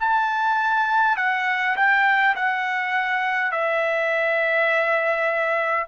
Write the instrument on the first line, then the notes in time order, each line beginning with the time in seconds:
trumpet
0.00 A5
1.17 F#5
1.76 G5
2.36 F#5
3.52 E5